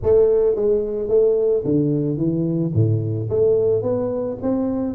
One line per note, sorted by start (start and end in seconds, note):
0.03 0.55 A3
0.55 1.08 G#3
1.08 1.63 A3
1.64 2.17 D3
2.17 2.72 E3
2.74 3.29 A2
3.29 3.82 A3
3.82 4.37 B3
4.42 4.95 C4